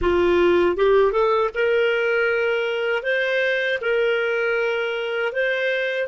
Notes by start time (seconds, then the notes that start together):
0.01 F4
0.76 G4
1.12 A4
1.54 A#4
3.02 C5
3.81 A#4
5.32 C5